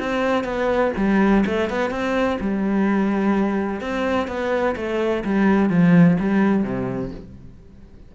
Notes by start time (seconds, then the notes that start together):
0.00 C4
0.44 B3
0.97 G3
1.46 A3
1.70 B3
1.90 C4
2.41 G3
3.81 C4
4.28 B3
4.76 A3
5.25 G3
5.70 F3
6.20 G3
6.64 C3